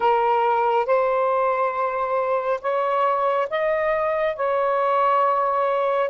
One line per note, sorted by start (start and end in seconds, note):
0.00 0.86 A#4
0.86 2.60 C5
2.61 3.48 C#5
3.50 4.36 D#5
4.36 6.09 C#5